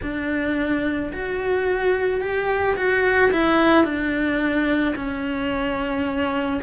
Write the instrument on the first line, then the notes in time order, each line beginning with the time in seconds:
cello
0.02 D4
1.12 F#4
2.20 G4
2.76 F#4
3.31 E4
3.84 D4
4.95 C#4